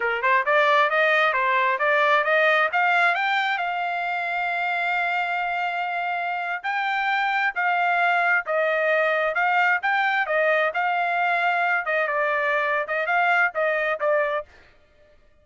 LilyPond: \new Staff \with { instrumentName = "trumpet" } { \time 4/4 \tempo 4 = 133 ais'8 c''8 d''4 dis''4 c''4 | d''4 dis''4 f''4 g''4 | f''1~ | f''2~ f''8. g''4~ g''16~ |
g''8. f''2 dis''4~ dis''16~ | dis''8. f''4 g''4 dis''4 f''16~ | f''2~ f''16 dis''8 d''4~ d''16~ | d''8 dis''8 f''4 dis''4 d''4 | }